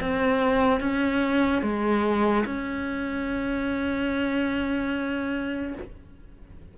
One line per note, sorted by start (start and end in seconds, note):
0.00 0.80 C4
0.80 1.62 C#4
1.62 2.44 G#3
2.45 5.74 C#4